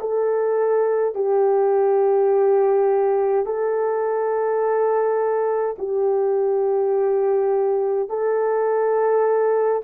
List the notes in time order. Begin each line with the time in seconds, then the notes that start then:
0.00 A4
1.15 G4
3.45 A4
5.78 G4
8.09 A4